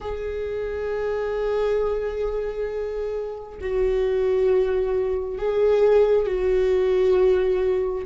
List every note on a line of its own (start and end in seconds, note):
0.00 3.59 G#4
3.61 5.38 F#4
5.38 6.26 G#4
6.26 8.05 F#4